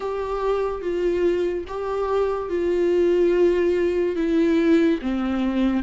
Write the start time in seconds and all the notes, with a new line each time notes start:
0.00 G4
0.81 F4
1.67 G4
2.49 F4
4.16 E4
5.01 C4